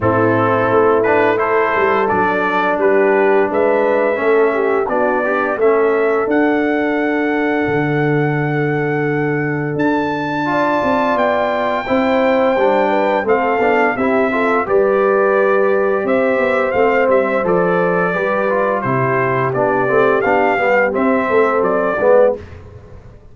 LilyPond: <<
  \new Staff \with { instrumentName = "trumpet" } { \time 4/4 \tempo 4 = 86 a'4. b'8 c''4 d''4 | b'4 e''2 d''4 | e''4 fis''2.~ | fis''2 a''2 |
g''2. f''4 | e''4 d''2 e''4 | f''8 e''8 d''2 c''4 | d''4 f''4 e''4 d''4 | }
  \new Staff \with { instrumentName = "horn" } { \time 4/4 e'2 a'2 | g'4 b'4 a'8 g'8 fis'8 d'8 | a'1~ | a'2. d''4~ |
d''4 c''4. b'8 a'4 | g'8 a'8 b'2 c''4~ | c''2 b'4 g'4~ | g'2~ g'8 a'4 b'8 | }
  \new Staff \with { instrumentName = "trombone" } { \time 4/4 c'4. d'8 e'4 d'4~ | d'2 cis'4 d'8 g'8 | cis'4 d'2.~ | d'2. f'4~ |
f'4 e'4 d'4 c'8 d'8 | e'8 f'8 g'2. | c'4 a'4 g'8 f'8 e'4 | d'8 c'8 d'8 b8 c'4. b8 | }
  \new Staff \with { instrumentName = "tuba" } { \time 4/4 a,4 a4. g8 fis4 | g4 gis4 a4 b4 | a4 d'2 d4~ | d2 d'4. c'8 |
b4 c'4 g4 a8 b8 | c'4 g2 c'8 b8 | a8 g8 f4 g4 c4 | b8 a8 b8 g8 c'8 a8 fis8 gis8 | }
>>